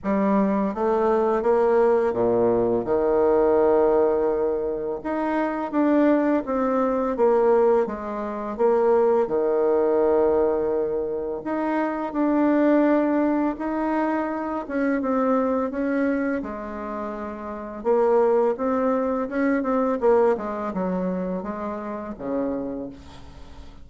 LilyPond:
\new Staff \with { instrumentName = "bassoon" } { \time 4/4 \tempo 4 = 84 g4 a4 ais4 ais,4 | dis2. dis'4 | d'4 c'4 ais4 gis4 | ais4 dis2. |
dis'4 d'2 dis'4~ | dis'8 cis'8 c'4 cis'4 gis4~ | gis4 ais4 c'4 cis'8 c'8 | ais8 gis8 fis4 gis4 cis4 | }